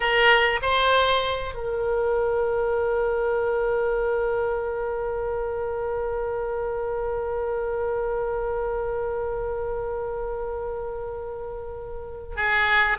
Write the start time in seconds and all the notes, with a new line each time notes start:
0.00 A#4
0.62 C5
1.54 A#4
12.35 G#4